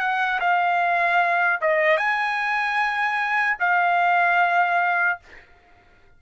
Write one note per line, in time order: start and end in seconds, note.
0.00 0.40 F#5
0.40 1.60 F5
1.61 1.98 D#5
1.98 3.58 G#5
3.60 5.20 F5